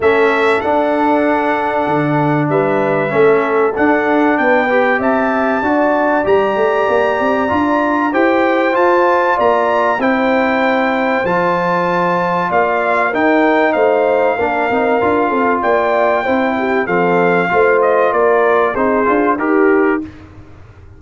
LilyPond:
<<
  \new Staff \with { instrumentName = "trumpet" } { \time 4/4 \tempo 4 = 96 e''4 fis''2. | e''2 fis''4 g''4 | a''2 ais''2~ | ais''4 g''4 a''4 ais''4 |
g''2 a''2 | f''4 g''4 f''2~ | f''4 g''2 f''4~ | f''8 dis''8 d''4 c''4 ais'4 | }
  \new Staff \with { instrumentName = "horn" } { \time 4/4 a'1 | b'4 a'2 b'4 | e''4 d''2.~ | d''4 c''2 d''4 |
c''1 | d''4 ais'4 c''4 ais'4~ | ais'8 a'8 d''4 c''8 g'8 a'4 | c''4 ais'4 gis'4 g'4 | }
  \new Staff \with { instrumentName = "trombone" } { \time 4/4 cis'4 d'2.~ | d'4 cis'4 d'4. g'8~ | g'4 fis'4 g'2 | f'4 g'4 f'2 |
e'2 f'2~ | f'4 dis'2 d'8 dis'8 | f'2 e'4 c'4 | f'2 dis'8 f'8 g'4 | }
  \new Staff \with { instrumentName = "tuba" } { \time 4/4 a4 d'2 d4 | g4 a4 d'4 b4 | c'4 d'4 g8 a8 ais8 c'8 | d'4 e'4 f'4 ais4 |
c'2 f2 | ais4 dis'4 a4 ais8 c'8 | d'8 c'8 ais4 c'4 f4 | a4 ais4 c'8 d'8 dis'4 | }
>>